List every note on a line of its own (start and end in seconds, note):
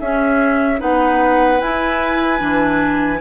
0.00 0.81 C#4
0.00 0.79 C#4
0.00 0.80 G#4
0.00 0.80 E5
0.79 1.61 B3
0.79 1.59 D#4
0.79 3.20 B4
0.79 1.61 F#5
1.61 2.41 E4
1.61 2.39 E4
1.61 3.21 G#5
2.39 3.21 E3
2.39 3.19 D4